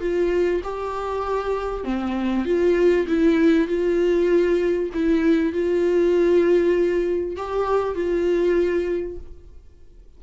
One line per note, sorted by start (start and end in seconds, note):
0.00 0.61 F4
0.63 1.84 G4
1.84 2.45 C4
2.45 3.06 F4
3.07 3.67 E4
3.67 4.90 F4
4.93 5.52 E4
5.52 7.36 F4
7.36 7.95 G4
7.95 9.17 F4